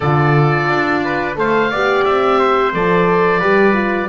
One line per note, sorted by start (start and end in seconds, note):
0.00 0.68 D3
0.00 1.35 F4
0.00 1.01 A4
0.00 1.35 D5
0.68 1.37 D4
1.04 1.38 B4
1.35 1.71 A3
1.35 1.69 A4
1.35 1.70 C5
1.35 2.04 F5
1.70 2.05 B3
1.70 2.73 G4
1.70 2.39 D5
2.04 2.73 C4
2.04 2.72 E5
2.39 3.39 C5
2.73 3.41 F3
2.73 3.41 A4
2.73 4.09 D5
3.39 4.09 G3
3.39 3.73 G4
3.39 4.07 B4
3.73 4.07 F4